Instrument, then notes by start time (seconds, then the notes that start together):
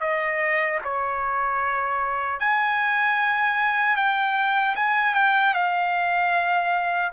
trumpet
0.00 D#5
0.84 C#5
2.39 G#5
3.96 G5
4.75 G#5
5.14 G5
5.54 F5